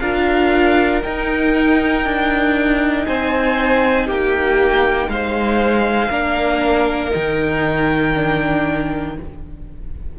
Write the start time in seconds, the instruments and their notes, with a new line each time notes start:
0.00 cello D4, viola F4, violin A#4 F5
1.02 viola D#4, cello D#4, violin G5
2.05 cello D4
3.06 cello C4, violin C5 G#5
4.06 cello A#3, violin G4 G5
5.08 cello G#3, violin C5 F5
6.09 cello A#3, viola D4, violin A#4
7.10 cello D#3, viola D#4, violin G5
8.15 viola D4